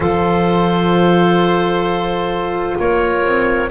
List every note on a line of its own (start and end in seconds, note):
0.00 2.75 F3
0.00 3.67 F4
0.00 2.77 A4
0.00 2.77 C5
2.79 3.23 A#3
2.79 3.70 A#4
2.79 3.70 C#5
3.23 3.70 C4